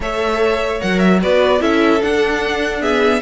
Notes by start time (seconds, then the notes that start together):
0.00 A3 A4 C#5 E5
0.79 F#3 A#4 F#5
0.99 E5
1.21 B3 F#4 B4 D5
1.59 C#4 E4 A4 E5
2.00 D4 F#5
2.80 B3 G#4 E5